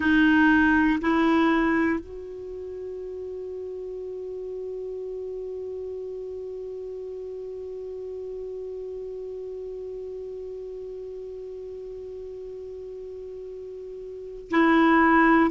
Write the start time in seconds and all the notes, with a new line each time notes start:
0.00 D#4
1.01 E4
2.00 F#4
14.50 E4